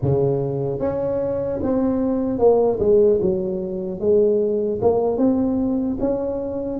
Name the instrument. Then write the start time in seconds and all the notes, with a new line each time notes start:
tuba
0.01 C#3
0.79 C#4
1.62 C4
2.38 A#3
2.79 G#3
3.21 F#3
4.00 G#3
4.81 A#3
5.17 C4
6.00 C#4